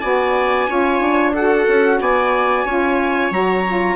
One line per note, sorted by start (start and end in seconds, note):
0.00 0.69 B3
0.00 0.68 F#4
0.00 0.67 D5
0.00 1.32 G#5
0.68 1.00 C#4
0.68 1.34 F4
0.68 1.34 C#5
1.00 1.66 D4
1.34 2.67 F#4
1.34 2.00 A4
1.34 2.01 F#5
1.69 2.01 C#4
2.01 2.65 B3
2.01 2.65 D5
2.01 3.34 G#5
2.65 3.31 C#4
2.65 3.32 F4
2.65 3.96 C#5
3.31 3.96 F#3
3.31 3.65 F#4
3.31 3.96 A#5
3.67 3.96 F4